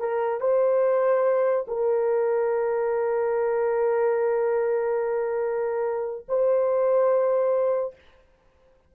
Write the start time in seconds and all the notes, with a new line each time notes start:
0.00 A#4
0.41 C5
1.68 A#4
6.29 C5